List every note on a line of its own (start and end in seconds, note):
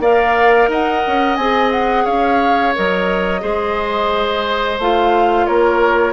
0.00 0.68 A#3
0.00 1.39 A#4
0.00 0.70 D5
0.00 0.70 F5
0.69 1.03 D#4
0.69 2.05 D#5
0.69 1.36 F#5
1.07 1.37 C#4
1.36 2.06 C4
1.36 2.75 G#4
1.36 1.70 G#5
1.72 2.06 F#5
2.05 2.75 C#4
2.05 3.41 C#5
2.05 2.74 F5
2.75 3.43 F#3
2.75 3.41 A#4
2.75 4.81 D#5
3.41 4.79 G#3
3.41 4.77 G#4
3.41 5.47 C5
4.79 5.47 A3
4.79 6.13 F4
4.79 5.46 F5
5.46 6.13 A#3
5.46 6.13 A#4
5.46 6.13 C#5